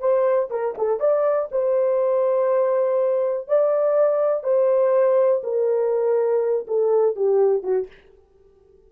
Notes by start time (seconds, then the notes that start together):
0.00 C5
0.51 A#4
0.78 A4
1.00 D5
1.52 C5
3.48 D5
4.44 C5
5.44 A#4
6.68 A4
7.16 G4
7.63 F#4